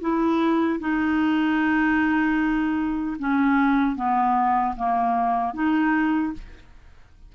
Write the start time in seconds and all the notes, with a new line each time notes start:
0.00 E4
0.79 D#4
3.19 C#4
3.95 B3
4.76 A#3
5.54 D#4